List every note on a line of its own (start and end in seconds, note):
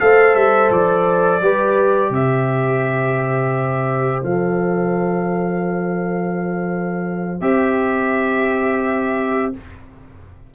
0.00 0.35 A3
0.00 1.41 A4
0.00 1.43 C5
0.00 0.35 F5
0.35 0.70 G3
0.35 0.70 E5
0.70 1.41 F3
0.70 2.13 D5
1.41 2.10 G3
1.41 4.24 G4
1.41 2.13 B4
2.10 4.21 C3
2.10 9.54 C5
2.10 4.23 E5
4.23 7.41 F3
4.23 7.41 A4
4.23 7.41 F5
7.41 9.52 C4
7.41 9.53 G4
7.41 9.52 E5